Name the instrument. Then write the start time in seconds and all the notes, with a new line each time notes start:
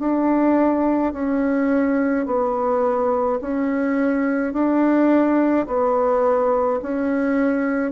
bassoon
0.00 D4
1.13 C#4
2.26 B3
3.42 C#4
4.53 D4
5.68 B3
6.83 C#4